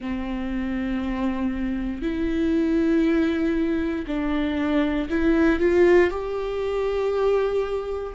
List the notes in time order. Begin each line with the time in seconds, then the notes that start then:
0.00 C4
2.02 E4
4.07 D4
5.09 E4
5.59 F4
6.10 G4